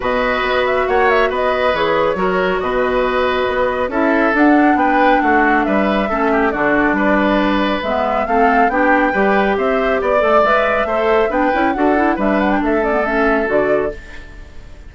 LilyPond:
<<
  \new Staff \with { instrumentName = "flute" } { \time 4/4 \tempo 4 = 138 dis''4. e''8 fis''8 e''8 dis''4 | cis''2 dis''2~ | dis''4 e''4 fis''4 g''4 | fis''4 e''2 d''4~ |
d''2 e''4 f''4 | g''2 e''4 d''4 | e''2 g''4 fis''4 | e''8 fis''16 g''16 e''8 d''8 e''4 d''4 | }
  \new Staff \with { instrumentName = "oboe" } { \time 4/4 b'2 cis''4 b'4~ | b'4 ais'4 b'2~ | b'4 a'2 b'4 | fis'4 b'4 a'8 g'8 fis'4 |
b'2. a'4 | g'4 b'4 c''4 d''4~ | d''4 c''4 b'4 a'4 | b'4 a'2. | }
  \new Staff \with { instrumentName = "clarinet" } { \time 4/4 fis'1 | gis'4 fis'2.~ | fis'4 e'4 d'2~ | d'2 cis'4 d'4~ |
d'2 b4 c'4 | d'4 g'2~ g'8 a'8 | b'4 a'4 d'8 e'8 fis'8 e'8 | d'4. cis'16 b16 cis'4 fis'4 | }
  \new Staff \with { instrumentName = "bassoon" } { \time 4/4 b,4 b4 ais4 b4 | e4 fis4 b,2 | b4 cis'4 d'4 b4 | a4 g4 a4 d4 |
g2 gis4 a4 | b4 g4 c'4 b8 a8 | gis4 a4 b8 cis'8 d'4 | g4 a2 d4 | }
>>